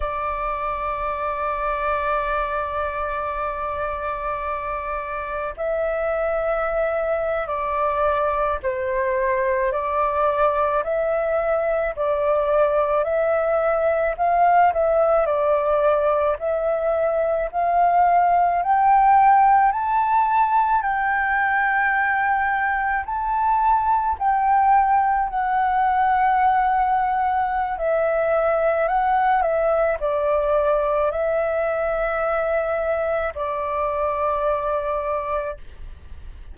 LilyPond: \new Staff \with { instrumentName = "flute" } { \time 4/4 \tempo 4 = 54 d''1~ | d''4 e''4.~ e''16 d''4 c''16~ | c''8. d''4 e''4 d''4 e''16~ | e''8. f''8 e''8 d''4 e''4 f''16~ |
f''8. g''4 a''4 g''4~ g''16~ | g''8. a''4 g''4 fis''4~ fis''16~ | fis''4 e''4 fis''8 e''8 d''4 | e''2 d''2 | }